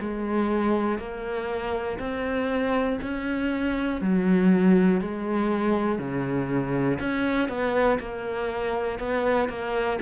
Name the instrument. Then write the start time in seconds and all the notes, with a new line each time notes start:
cello
0.00 G#3
0.98 A#3
1.99 C4
3.01 C#4
4.01 F#3
5.00 G#3
5.99 C#3
7.00 C#4
7.48 B3
7.99 A#3
8.99 B3
9.49 A#3